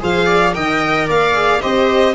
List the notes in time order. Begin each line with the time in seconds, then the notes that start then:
0.00 F3 G#4 C5 F5
0.26 D5
0.54 D#3 A#4 D#5 G5
1.07 A#3 D5 F5
1.34 G#4
1.62 C4 G4 C5 D#5